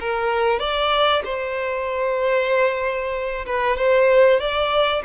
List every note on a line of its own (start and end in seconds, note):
0.00 0.59 A#4
0.59 1.22 D5
1.24 3.45 C5
3.46 3.77 B4
3.77 4.40 C5
4.40 5.03 D5